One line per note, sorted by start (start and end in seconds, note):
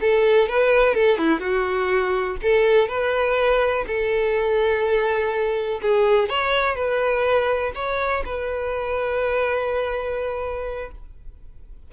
0.00 0.48 A4
0.48 0.94 B4
0.94 1.17 A4
1.17 1.39 E4
1.39 2.36 F#4
2.42 2.88 A4
2.88 3.84 B4
3.87 5.80 A4
5.82 6.29 G#4
6.29 6.75 C#5
6.75 7.72 B4
7.75 8.23 C#5
8.25 10.91 B4